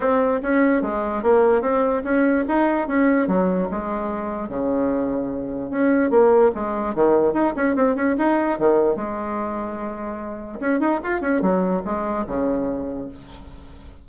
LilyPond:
\new Staff \with { instrumentName = "bassoon" } { \time 4/4 \tempo 4 = 147 c'4 cis'4 gis4 ais4 | c'4 cis'4 dis'4 cis'4 | fis4 gis2 cis4~ | cis2 cis'4 ais4 |
gis4 dis4 dis'8 cis'8 c'8 cis'8 | dis'4 dis4 gis2~ | gis2 cis'8 dis'8 f'8 cis'8 | fis4 gis4 cis2 | }